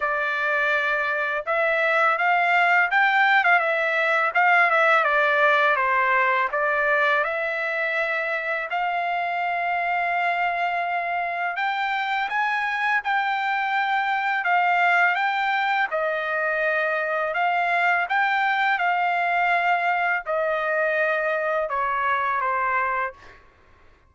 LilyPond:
\new Staff \with { instrumentName = "trumpet" } { \time 4/4 \tempo 4 = 83 d''2 e''4 f''4 | g''8. f''16 e''4 f''8 e''8 d''4 | c''4 d''4 e''2 | f''1 |
g''4 gis''4 g''2 | f''4 g''4 dis''2 | f''4 g''4 f''2 | dis''2 cis''4 c''4 | }